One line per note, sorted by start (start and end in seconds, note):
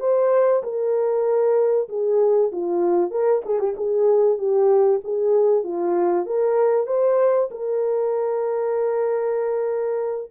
0.00 0.62 C5
0.63 1.88 A#4
1.89 2.51 G#4
2.52 3.11 F4
3.11 3.42 A#4
3.45 3.59 G#4
3.59 3.75 G4
3.77 4.38 G#4
4.38 5.00 G4
5.04 5.64 G#4
5.64 6.26 F4
6.26 6.87 A#4
6.87 7.49 C5
7.51 10.31 A#4